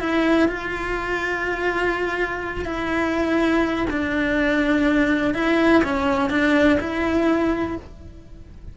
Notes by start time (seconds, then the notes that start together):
0.00 E4
0.48 F4
2.65 E4
3.90 D4
5.34 E4
5.83 C#4
6.30 D4
6.80 E4